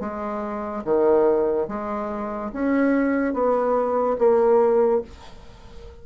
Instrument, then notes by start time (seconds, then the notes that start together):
bassoon
0.00 G#3
0.84 D#3
1.68 G#3
2.52 C#4
3.33 B3
4.18 A#3